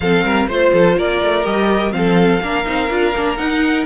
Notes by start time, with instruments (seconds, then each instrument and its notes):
0.00 cello F3, viola C4, violin A4 F5
0.23 cello G3, violin A#4
0.47 cello A3, viola F4, violin C5
0.72 cello F3, violin A4
0.97 cello A#3, violin A#4 D5
1.21 cello A3
1.43 cello G3, viola G4, violin D#5
1.91 cello F3, viola C4, violin A4 F5
2.41 cello A#3, viola D4, violin A#4
2.64 cello C4, viola D#4
2.89 cello D4, viola F4
3.16 cello A#3, viola D4
3.36 viola D#4, cello D#4, violin F#5